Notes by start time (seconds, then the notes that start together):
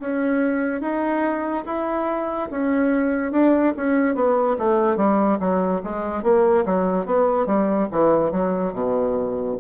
0.00 C#4
0.81 D#4
1.66 E4
2.51 C#4
3.32 D4
3.77 C#4
4.15 B3
4.58 A3
4.97 G3
5.40 F#3
5.84 G#3
6.23 A#3
6.66 F#3
7.06 B3
7.47 G3
7.91 E3
8.32 F#3
8.73 B2